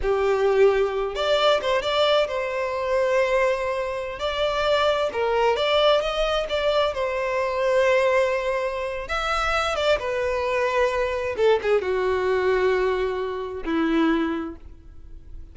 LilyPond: \new Staff \with { instrumentName = "violin" } { \time 4/4 \tempo 4 = 132 g'2~ g'8 d''4 c''8 | d''4 c''2.~ | c''4~ c''16 d''2 ais'8.~ | ais'16 d''4 dis''4 d''4 c''8.~ |
c''1 | e''4. d''8 b'2~ | b'4 a'8 gis'8 fis'2~ | fis'2 e'2 | }